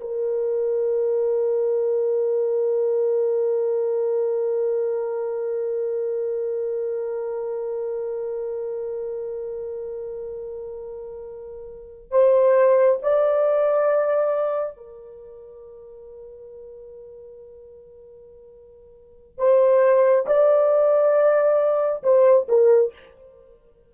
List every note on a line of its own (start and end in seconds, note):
0.00 12.11 A#4
12.11 12.99 C5
13.02 14.76 D5
14.76 19.38 A#4
19.38 20.26 C5
20.26 22.03 D5
22.03 22.47 C5
22.48 22.93 A#4